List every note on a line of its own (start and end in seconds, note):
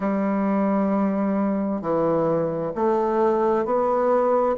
0.00 1.81 G3
1.81 2.72 E3
2.75 3.65 A3
3.65 4.56 B3